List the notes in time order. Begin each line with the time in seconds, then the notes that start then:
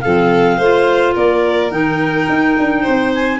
0.00 F3 C4 A4 F5
0.57 A3 F4 C5
1.14 A#3 A#4 D5
1.71 D#3 D#4 G5
2.28 D#4
2.58 D4
2.81 C4 C5
3.14 G#5